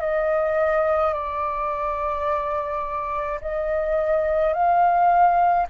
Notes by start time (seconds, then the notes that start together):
0.00 D#5
1.13 D5
3.41 D#5
4.53 F5